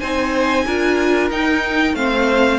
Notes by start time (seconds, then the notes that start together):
0.00 C4 D#4 C5 G#5
0.66 D4 F4 A#4
1.31 D#4 G5
1.94 A3 C4 C5 F5